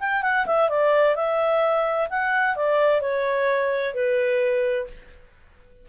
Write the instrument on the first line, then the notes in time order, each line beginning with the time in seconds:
clarinet
0.00 G5
0.23 F#5
0.46 E5
0.69 D5
1.15 E5
2.10 F#5
2.56 D5
3.01 C#5
3.94 B4